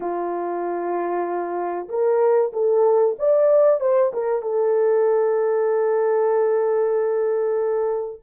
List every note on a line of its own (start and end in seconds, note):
0.00 1.88 F4
1.88 2.51 A#4
2.52 3.16 A4
3.18 3.80 D5
3.80 4.12 C5
4.13 4.42 A#4
4.42 8.20 A4